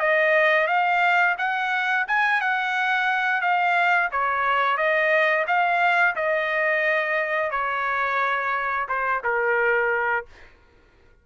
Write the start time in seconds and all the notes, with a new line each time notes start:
0.00 D#5
0.68 F5
1.38 F#5
2.08 G#5
2.41 F#5
3.42 F5
4.12 C#5
4.78 D#5
5.47 F5
6.16 D#5
7.51 C#5
8.89 C5
9.24 A#4